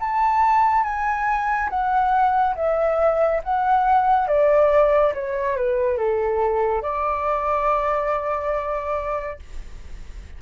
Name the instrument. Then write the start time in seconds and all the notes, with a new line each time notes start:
flute
0.00 A5
0.84 G#5
1.70 F#5
2.56 E5
3.44 F#5
4.27 D5
5.14 C#5
5.56 B4
5.98 A4
6.82 D5